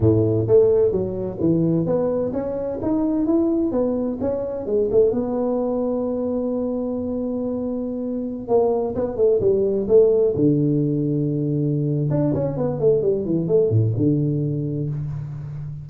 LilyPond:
\new Staff \with { instrumentName = "tuba" } { \time 4/4 \tempo 4 = 129 a,4 a4 fis4 e4 | b4 cis'4 dis'4 e'4 | b4 cis'4 gis8 a8 b4~ | b1~ |
b2~ b16 ais4 b8 a16~ | a16 g4 a4 d4.~ d16~ | d2 d'8 cis'8 b8 a8 | g8 e8 a8 a,8 d2 | }